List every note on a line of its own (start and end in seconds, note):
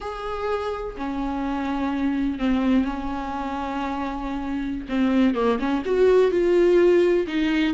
0.00 0.96 G#4
0.97 2.38 C#4
2.38 2.84 C4
2.84 4.86 C#4
4.88 5.34 C4
5.34 5.58 A#3
5.59 5.82 C#4
5.85 6.31 F#4
6.31 7.26 F4
7.27 7.73 D#4